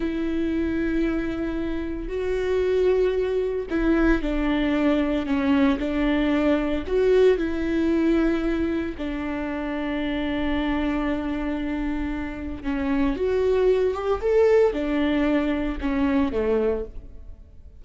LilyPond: \new Staff \with { instrumentName = "viola" } { \time 4/4 \tempo 4 = 114 e'1 | fis'2. e'4 | d'2 cis'4 d'4~ | d'4 fis'4 e'2~ |
e'4 d'2.~ | d'1 | cis'4 fis'4. g'8 a'4 | d'2 cis'4 a4 | }